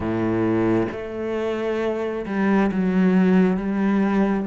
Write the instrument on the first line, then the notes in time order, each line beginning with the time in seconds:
cello
0.00 A2
0.91 A3
2.26 G3
2.71 F#3
3.56 G3